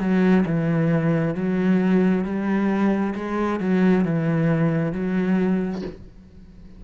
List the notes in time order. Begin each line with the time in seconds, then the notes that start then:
0.00 F#3
0.46 E3
1.35 F#3
2.24 G3
3.15 G#3
3.60 F#3
4.05 E3
4.93 F#3